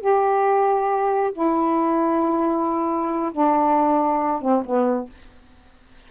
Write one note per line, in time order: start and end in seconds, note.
0.00 1.32 G4
1.33 3.31 E4
3.32 4.41 D4
4.41 4.63 C4
4.65 5.10 B3